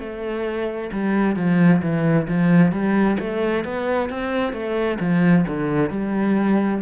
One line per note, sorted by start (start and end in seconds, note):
0.00 0.91 A3
0.93 1.36 G3
1.36 1.82 F3
1.82 2.28 E3
2.28 2.72 F3
2.72 3.18 G3
3.19 3.64 A3
3.64 4.10 B3
4.10 4.53 C4
4.53 4.99 A3
5.00 5.46 F3
5.48 5.90 D3
5.90 6.81 G3